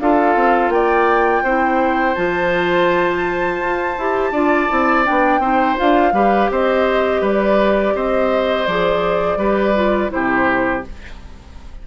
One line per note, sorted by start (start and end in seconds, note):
0.00 0.36 D4
0.00 1.46 F4
0.00 0.74 A4
0.00 0.71 F5
0.36 0.69 C4
0.69 1.42 A#3
0.69 1.44 D5
0.69 2.15 G5
1.44 2.16 C4
1.44 2.16 E4
1.44 4.32 C5
2.15 3.60 F3
2.15 3.97 F4
2.15 5.04 A5
3.60 3.97 F4
3.98 4.32 E4
3.98 4.34 G4
4.32 4.68 D4
4.32 4.69 F4
4.32 5.41 D5
4.69 5.08 C4
4.69 5.05 E4
5.05 5.39 B3
5.05 5.41 D4
5.05 5.78 G5
5.39 5.75 C4
5.39 5.77 D#4
5.39 6.13 C5
5.77 6.13 D4
5.77 6.13 F4
5.77 6.51 F5
6.13 6.49 G3
6.13 8.67 G4
6.13 6.51 B4
6.51 7.22 C4
6.51 7.22 C5
6.51 7.26 D#5
7.22 7.94 G3
7.22 7.94 B4
7.22 7.96 D5
7.96 8.67 C4
7.96 9.39 C5
7.96 8.68 D#5
8.67 9.37 F3
8.67 9.39 G#4
8.67 10.12 D5
9.37 10.09 G3
9.37 9.75 G4
9.37 10.11 B4
9.76 10.10 F4
10.10 10.86 C3
10.10 10.82 E4
10.10 10.87 G4
10.10 10.84 C5